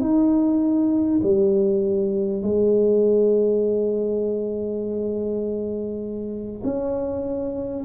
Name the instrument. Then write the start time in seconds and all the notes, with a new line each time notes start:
tuba
0.00 D#4
1.23 G3
2.42 G#3
6.64 C#4